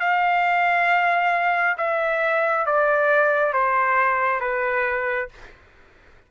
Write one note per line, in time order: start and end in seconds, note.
0.00 1.76 F5
1.78 2.66 E5
2.66 3.53 D5
3.53 4.40 C5
4.40 5.29 B4